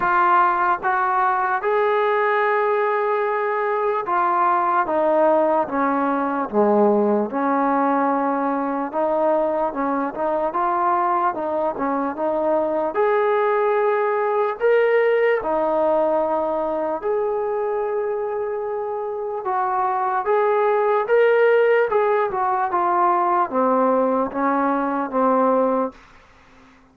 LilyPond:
\new Staff \with { instrumentName = "trombone" } { \time 4/4 \tempo 4 = 74 f'4 fis'4 gis'2~ | gis'4 f'4 dis'4 cis'4 | gis4 cis'2 dis'4 | cis'8 dis'8 f'4 dis'8 cis'8 dis'4 |
gis'2 ais'4 dis'4~ | dis'4 gis'2. | fis'4 gis'4 ais'4 gis'8 fis'8 | f'4 c'4 cis'4 c'4 | }